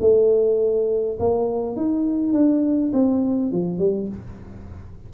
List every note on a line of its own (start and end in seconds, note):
0.00 1.18 A3
1.20 1.76 A#3
1.76 2.33 D#4
2.33 2.92 D4
2.93 3.52 C4
3.52 3.79 F3
3.79 4.08 G3